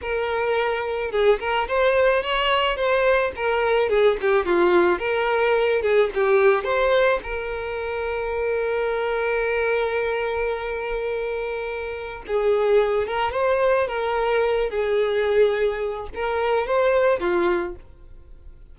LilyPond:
\new Staff \with { instrumentName = "violin" } { \time 4/4 \tempo 4 = 108 ais'2 gis'8 ais'8 c''4 | cis''4 c''4 ais'4 gis'8 g'8 | f'4 ais'4. gis'8 g'4 | c''4 ais'2.~ |
ais'1~ | ais'2 gis'4. ais'8 | c''4 ais'4. gis'4.~ | gis'4 ais'4 c''4 f'4 | }